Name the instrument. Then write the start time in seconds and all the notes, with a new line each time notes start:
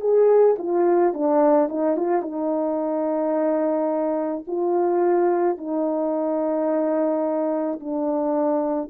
horn
0.00 G#4
0.58 F4
1.13 D4
1.68 D#4
1.96 F4
2.22 D#4
4.47 F4
5.57 D#4
7.80 D4